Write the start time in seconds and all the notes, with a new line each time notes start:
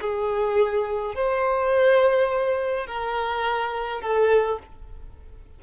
0.00 G#4
1.15 C5
2.87 A#4
4.01 A4